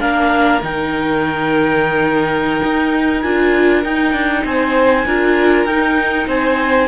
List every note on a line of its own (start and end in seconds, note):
0.00 0.62 A#3
0.00 0.61 D4
0.00 4.45 A#4
0.00 0.62 F5
0.63 2.62 D#3
0.63 3.23 D#4
0.63 3.22 G5
2.64 3.24 D#4
3.22 3.85 D4
3.22 3.84 F4
3.22 3.83 G#5
3.84 5.06 D#4
3.84 4.13 D#4
3.84 4.45 G5
4.13 4.44 D4
4.45 5.06 C4
4.45 5.06 C5
4.45 5.66 G#5
5.06 5.65 D4
5.06 5.69 F4
5.06 6.28 A#4
5.65 6.27 D#4
5.65 6.88 D#4
5.65 6.27 G5
6.27 6.88 C4
6.27 6.88 C5
6.27 6.88 G#5